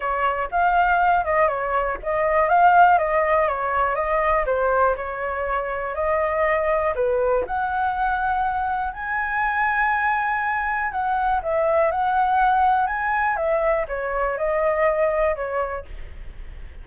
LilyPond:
\new Staff \with { instrumentName = "flute" } { \time 4/4 \tempo 4 = 121 cis''4 f''4. dis''8 cis''4 | dis''4 f''4 dis''4 cis''4 | dis''4 c''4 cis''2 | dis''2 b'4 fis''4~ |
fis''2 gis''2~ | gis''2 fis''4 e''4 | fis''2 gis''4 e''4 | cis''4 dis''2 cis''4 | }